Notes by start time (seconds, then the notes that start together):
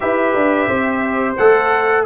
0.00 E4 G4 B4 E5
0.34 D4
0.68 C4 C5
1.36 A3 A4 F#5